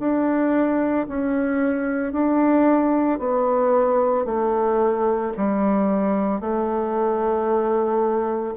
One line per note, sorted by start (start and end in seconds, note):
0.00 1.07 D4
1.09 2.13 C#4
2.13 3.19 D4
3.19 4.26 B3
4.26 5.33 A3
5.37 6.41 G3
6.41 8.55 A3